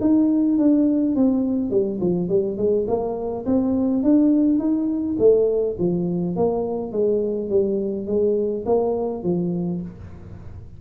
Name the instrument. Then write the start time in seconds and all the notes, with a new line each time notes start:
tuba
0.00 D#4
0.57 D4
1.15 C4
1.70 G3
2.00 F3
2.28 G3
2.57 G#3
2.87 A#3
3.45 C4
4.03 D4
4.58 D#4
5.18 A3
5.78 F3
6.36 A#3
6.92 G#3
7.49 G3
8.07 G#3
8.65 A#3
9.23 F3